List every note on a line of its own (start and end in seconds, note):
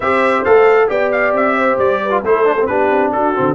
0.00 0.43 C4
0.00 0.45 G4
0.00 0.87 C5
0.00 0.44 E5
0.44 0.89 A3
0.44 0.88 A4
0.44 0.89 F5
0.88 1.32 B3
0.88 2.10 G4
0.88 1.56 D5
0.88 1.11 G5
1.11 1.34 F5
1.32 1.77 C4
1.32 1.78 E5
1.56 2.00 C5
1.77 2.22 G3
1.77 2.23 D5
2.02 2.23 B4
2.10 2.21 F4
2.23 2.68 A3
2.23 2.45 E4
2.23 2.68 A4
2.23 2.66 C5
2.45 2.56 D4
2.60 2.68 C4
2.66 2.90 B3
2.66 3.34 D4
2.66 3.13 G4
2.66 3.11 B4
2.90 3.12 C4
3.12 3.35 D4
3.12 3.55 F#4
3.12 3.55 A4
3.34 3.55 D3
3.34 3.55 C4